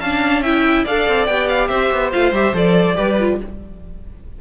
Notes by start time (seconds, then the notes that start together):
0.00 C#4 D4 F5 A5
0.42 E4 E5 G5
0.84 D4 A4 D5 F5
1.08 C4
1.26 B3 G4 G5
1.49 F5
1.68 C4 C5 E5
1.92 B3
2.12 A3 F4 F5
2.32 G3 G4 E5
2.54 F3 A4 D5
2.95 G3 G4 B4
3.20 F4